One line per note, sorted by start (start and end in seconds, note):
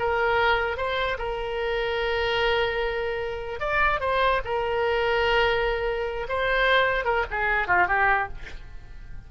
0.00 0.77 A#4
0.77 1.18 C5
1.19 3.60 A#4
3.60 4.01 D5
4.01 4.41 C5
4.45 6.27 A#4
6.29 7.05 C5
7.05 7.26 A#4
7.31 7.68 G#4
7.68 7.88 F4
7.88 8.29 G4